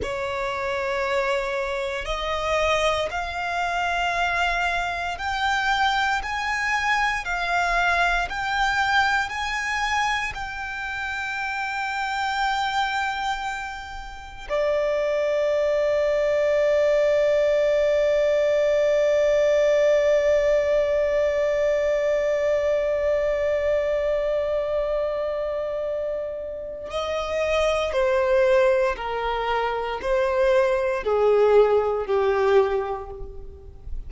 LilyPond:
\new Staff \with { instrumentName = "violin" } { \time 4/4 \tempo 4 = 58 cis''2 dis''4 f''4~ | f''4 g''4 gis''4 f''4 | g''4 gis''4 g''2~ | g''2 d''2~ |
d''1~ | d''1~ | d''2 dis''4 c''4 | ais'4 c''4 gis'4 g'4 | }